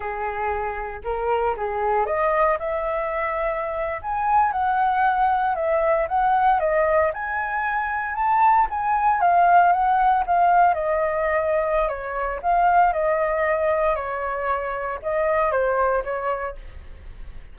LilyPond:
\new Staff \with { instrumentName = "flute" } { \time 4/4 \tempo 4 = 116 gis'2 ais'4 gis'4 | dis''4 e''2~ e''8. gis''16~ | gis''8. fis''2 e''4 fis''16~ | fis''8. dis''4 gis''2 a''16~ |
a''8. gis''4 f''4 fis''4 f''16~ | f''8. dis''2~ dis''16 cis''4 | f''4 dis''2 cis''4~ | cis''4 dis''4 c''4 cis''4 | }